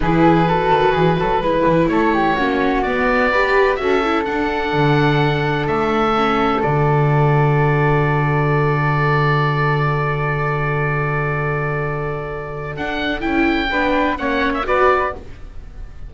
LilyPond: <<
  \new Staff \with { instrumentName = "oboe" } { \time 4/4 \tempo 4 = 127 b'1 | cis''2 d''2 | e''4 fis''2. | e''2 d''2~ |
d''1~ | d''1~ | d''2. fis''4 | g''2 fis''8. e''16 d''4 | }
  \new Staff \with { instrumentName = "flute" } { \time 4/4 gis'4 a'4 gis'8 a'8 b'4 | a'8 g'8 fis'2 b'4 | a'1~ | a'1~ |
a'1~ | a'1~ | a'1~ | a'4 b'4 cis''4 b'4 | }
  \new Staff \with { instrumentName = "viola" } { \time 4/4 e'4 fis'2 e'4~ | e'4 cis'4 b4 g'4 | fis'8 e'8 d'2.~ | d'4 cis'4 fis'2~ |
fis'1~ | fis'1~ | fis'2. d'4 | e'4 d'4 cis'4 fis'4 | }
  \new Staff \with { instrumentName = "double bass" } { \time 4/4 e4. dis8 e8 fis8 gis8 e8 | a4 ais4 b2 | cis'4 d'4 d2 | a2 d2~ |
d1~ | d1~ | d2. d'4 | cis'4 b4 ais4 b4 | }
>>